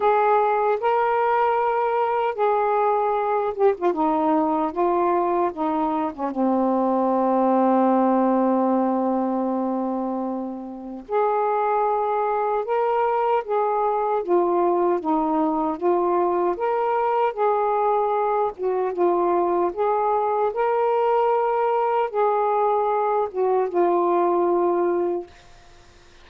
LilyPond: \new Staff \with { instrumentName = "saxophone" } { \time 4/4 \tempo 4 = 76 gis'4 ais'2 gis'4~ | gis'8 g'16 f'16 dis'4 f'4 dis'8. cis'16 | c'1~ | c'2 gis'2 |
ais'4 gis'4 f'4 dis'4 | f'4 ais'4 gis'4. fis'8 | f'4 gis'4 ais'2 | gis'4. fis'8 f'2 | }